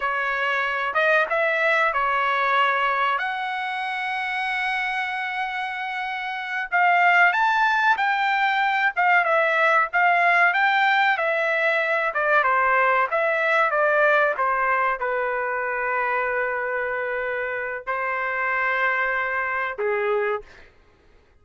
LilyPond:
\new Staff \with { instrumentName = "trumpet" } { \time 4/4 \tempo 4 = 94 cis''4. dis''8 e''4 cis''4~ | cis''4 fis''2.~ | fis''2~ fis''8 f''4 a''8~ | a''8 g''4. f''8 e''4 f''8~ |
f''8 g''4 e''4. d''8 c''8~ | c''8 e''4 d''4 c''4 b'8~ | b'1 | c''2. gis'4 | }